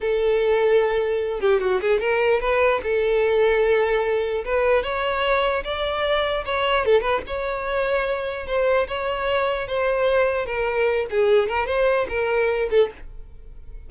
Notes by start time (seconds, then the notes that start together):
0.00 A4
1.40 G4
1.60 F#4
1.81 G#4
2.00 A#4
2.40 B4
2.83 A4
4.44 B4
4.83 C#5
5.63 D5
6.45 C#5
6.85 A4
7.01 B4
7.26 C#5
8.47 C5
8.87 C#5
9.67 C5
10.46 A#4
11.10 G#4
11.48 A#4
11.66 C5
12.08 A#4
12.70 A4